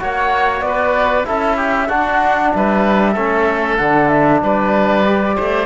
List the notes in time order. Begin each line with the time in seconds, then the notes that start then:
0.00 A#3 F#4 C#5 F#5
0.62 B3 B4 D5
1.25 C#4 E4 A4 E5
1.57 G4
1.88 D4 F#4 F#5
2.54 G3 B4 E5
3.12 A3 C#4 A4
3.78 D3 D4 F#5
4.08 E5
4.42 G3 B4 D5
5.05 G4
5.36 A3 C5